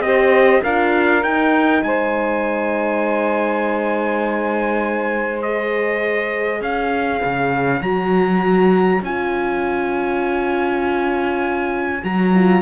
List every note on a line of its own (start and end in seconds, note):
0.00 0.60 C4
0.00 0.63 G4
0.00 0.62 C5
0.00 0.61 D#5
0.62 1.22 D4
0.62 1.24 F4
0.62 1.82 A#4
0.62 1.23 F5
1.22 1.82 D#4
1.22 5.44 D#4
1.22 1.83 G5
1.83 6.61 G#3
1.83 6.61 C5
1.83 5.41 G#5
5.41 7.81 G#4
5.41 6.61 D#5
6.61 7.21 C#4
6.61 12.61 C#5
6.61 7.82 F5
7.24 7.81 C#3
7.81 9.01 F#3
7.81 9.01 F#4
7.81 9.02 A#5
9.02 12.02 C#4
9.02 12.03 F4
9.02 12.04 G#5
12.03 12.61 F#3
12.03 12.33 F#4
12.03 12.61 A#5
12.34 12.61 F4